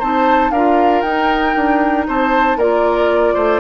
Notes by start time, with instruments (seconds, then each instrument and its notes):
0.00 bassoon C4, clarinet D#4, oboe C5, flute A5
0.51 bassoon D4, clarinet F4, oboe A#4, flute F5
1.02 bassoon D#4, clarinet D#4, flute G5
1.56 bassoon D4
2.08 bassoon C4, oboe C5, flute A5
2.57 bassoon A#3, clarinet F4, oboe A#4, flute D5
3.34 bassoon A3, oboe C5